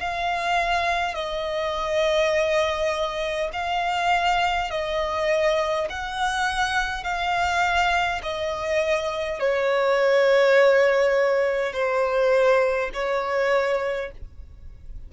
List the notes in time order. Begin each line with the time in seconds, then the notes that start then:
0.00 F5
1.14 D#5
3.53 F5
4.71 D#5
5.90 F#5
7.04 F5
8.23 D#5
9.40 C#5
11.73 C5
12.94 C#5